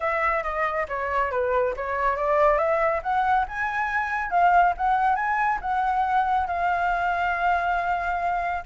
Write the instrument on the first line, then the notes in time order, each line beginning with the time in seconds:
flute
0.00 E5
0.43 D#5
0.88 C#5
1.31 B4
1.76 C#5
2.16 D5
2.58 E5
3.03 F#5
3.47 G#5
4.30 F5
4.77 F#5
5.15 G#5
5.61 F#5
6.47 F5